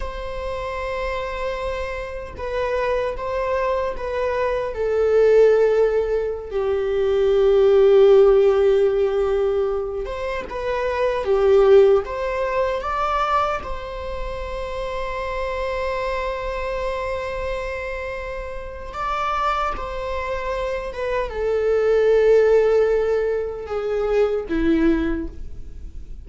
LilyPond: \new Staff \with { instrumentName = "viola" } { \time 4/4 \tempo 4 = 76 c''2. b'4 | c''4 b'4 a'2~ | a'16 g'2.~ g'8.~ | g'8. c''8 b'4 g'4 c''8.~ |
c''16 d''4 c''2~ c''8.~ | c''1 | d''4 c''4. b'8 a'4~ | a'2 gis'4 e'4 | }